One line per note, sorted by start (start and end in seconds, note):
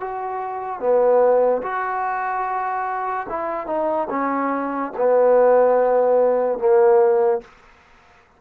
0.00 0.80 F#4
0.80 1.62 B3
1.62 3.27 F#4
3.29 3.67 E4
3.67 4.08 D#4
4.10 4.92 C#4
4.97 6.59 B3
6.59 7.41 A#3